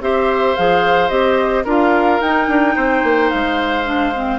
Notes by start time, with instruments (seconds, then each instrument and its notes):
0.00 bassoon C4, clarinet G4, oboe C5, flute E5
0.56 bassoon F3, clarinet G#4, flute F5
1.08 bassoon C4, clarinet G4, flute D#5
1.64 bassoon D4, clarinet F4, oboe A#4, flute F5
2.20 bassoon D#4, clarinet D#4, flute G5
2.48 bassoon D4
2.75 bassoon C4, oboe C5
3.03 bassoon A#3
3.30 bassoon G#3, flute F5
3.85 clarinet D4
4.15 clarinet C4